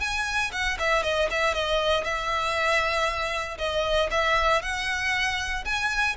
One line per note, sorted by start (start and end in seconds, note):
0.00 0.51 G#5
0.52 0.78 F#5
0.79 1.03 E5
1.03 1.28 D#5
1.30 1.54 E5
1.54 2.04 D#5
2.04 3.58 E5
3.58 4.09 D#5
4.10 4.62 E5
4.62 5.64 F#5
5.65 6.16 G#5